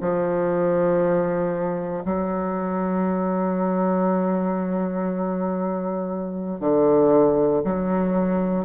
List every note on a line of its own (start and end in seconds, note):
0.00 2.03 F3
2.05 6.60 F#3
6.60 7.62 D3
7.64 8.64 F#3